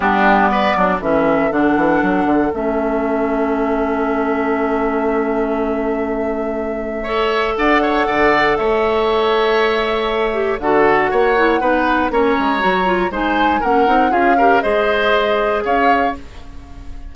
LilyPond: <<
  \new Staff \with { instrumentName = "flute" } { \time 4/4 \tempo 4 = 119 g'4 d''4 e''4 fis''4~ | fis''4 e''2.~ | e''1~ | e''2. fis''4~ |
fis''4 e''2.~ | e''4 fis''2. | ais''2 gis''4 fis''4 | f''4 dis''2 f''4 | }
  \new Staff \with { instrumentName = "oboe" } { \time 4/4 d'4 b'8 d'8 a'2~ | a'1~ | a'1~ | a'2 cis''4 d''8 cis''8 |
d''4 cis''2.~ | cis''4 a'4 cis''4 b'4 | cis''2 c''4 ais'4 | gis'8 ais'8 c''2 cis''4 | }
  \new Staff \with { instrumentName = "clarinet" } { \time 4/4 b2 cis'4 d'4~ | d'4 cis'2.~ | cis'1~ | cis'2 a'2~ |
a'1~ | a'8 g'8 fis'4. e'8 dis'4 | cis'4 fis'8 f'8 dis'4 cis'8 dis'8 | f'8 g'8 gis'2. | }
  \new Staff \with { instrumentName = "bassoon" } { \time 4/4 g4. fis8 e4 d8 e8 | fis8 d8 a2.~ | a1~ | a2. d'4 |
d4 a2.~ | a4 d4 ais4 b4 | ais8 gis8 fis4 gis4 ais8 c'8 | cis'4 gis2 cis'4 | }
>>